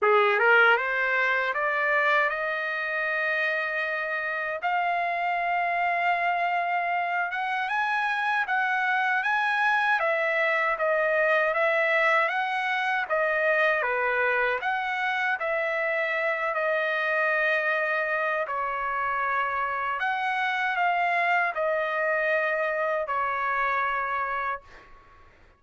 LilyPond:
\new Staff \with { instrumentName = "trumpet" } { \time 4/4 \tempo 4 = 78 gis'8 ais'8 c''4 d''4 dis''4~ | dis''2 f''2~ | f''4. fis''8 gis''4 fis''4 | gis''4 e''4 dis''4 e''4 |
fis''4 dis''4 b'4 fis''4 | e''4. dis''2~ dis''8 | cis''2 fis''4 f''4 | dis''2 cis''2 | }